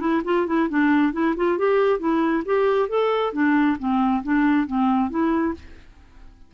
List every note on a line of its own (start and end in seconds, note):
0.00 0.22 E4
0.24 0.47 F4
0.47 0.69 E4
0.69 1.13 D4
1.13 1.35 E4
1.36 1.58 F4
1.58 1.99 G4
1.99 2.43 E4
2.45 2.89 G4
2.89 3.33 A4
3.33 3.77 D4
3.79 4.23 C4
4.23 4.67 D4
4.67 5.10 C4
5.10 5.54 E4